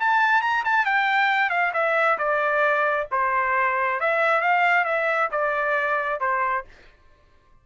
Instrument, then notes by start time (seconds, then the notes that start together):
trumpet
0.00 A5
0.42 A#5
0.65 A5
0.86 G5
1.50 F5
1.74 E5
2.18 D5
3.12 C5
4.01 E5
4.41 F5
4.85 E5
5.32 D5
6.20 C5